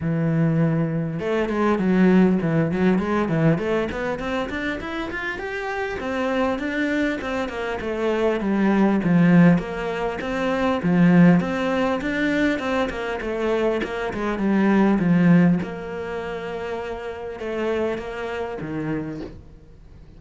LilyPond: \new Staff \with { instrumentName = "cello" } { \time 4/4 \tempo 4 = 100 e2 a8 gis8 fis4 | e8 fis8 gis8 e8 a8 b8 c'8 d'8 | e'8 f'8 g'4 c'4 d'4 | c'8 ais8 a4 g4 f4 |
ais4 c'4 f4 c'4 | d'4 c'8 ais8 a4 ais8 gis8 | g4 f4 ais2~ | ais4 a4 ais4 dis4 | }